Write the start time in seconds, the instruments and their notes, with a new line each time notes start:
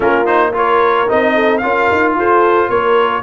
0.00 tuba A#3, trombone C#4, horn F4, trumpet A#4
0.25 trombone D#4, trumpet C5
0.53 trombone F4, horn A#4, trumpet C#5
1.07 tuba C4, trombone D#4, trumpet D#5
1.35 horn A4
1.58 tuba C#4, trombone F4, horn A#4, trumpet F5
1.91 tuba D#4
2.14 tuba F4, horn A4, trumpet C5
2.69 tuba A#3, horn A#4, trumpet C#5